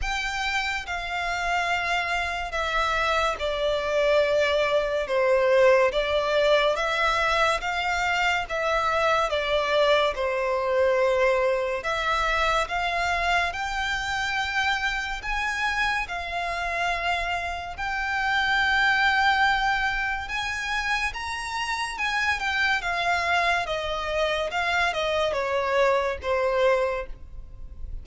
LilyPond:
\new Staff \with { instrumentName = "violin" } { \time 4/4 \tempo 4 = 71 g''4 f''2 e''4 | d''2 c''4 d''4 | e''4 f''4 e''4 d''4 | c''2 e''4 f''4 |
g''2 gis''4 f''4~ | f''4 g''2. | gis''4 ais''4 gis''8 g''8 f''4 | dis''4 f''8 dis''8 cis''4 c''4 | }